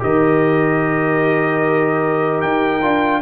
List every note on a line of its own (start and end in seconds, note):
0.00 2.43 D#3
0.00 2.80 G4
0.00 3.22 A#4
0.00 2.41 D#5
2.41 2.83 D#4
2.41 3.21 G5
2.82 3.22 D4
2.82 3.22 F4